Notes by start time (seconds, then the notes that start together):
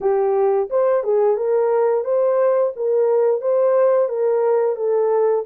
0.01 G4
0.70 C5
1.03 G#4
1.36 A#4
2.04 C5
2.76 A#4
3.41 C5
4.08 A#4
4.76 A4